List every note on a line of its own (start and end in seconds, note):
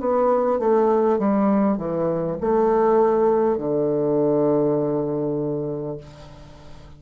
0.00 0.59 B3
0.59 1.19 A3
1.19 1.77 G3
1.77 2.37 E3
2.41 3.57 A3
3.57 5.97 D3